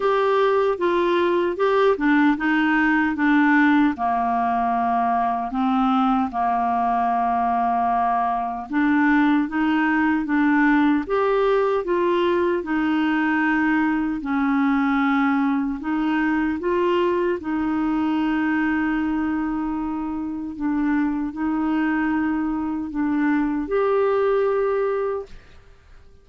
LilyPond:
\new Staff \with { instrumentName = "clarinet" } { \time 4/4 \tempo 4 = 76 g'4 f'4 g'8 d'8 dis'4 | d'4 ais2 c'4 | ais2. d'4 | dis'4 d'4 g'4 f'4 |
dis'2 cis'2 | dis'4 f'4 dis'2~ | dis'2 d'4 dis'4~ | dis'4 d'4 g'2 | }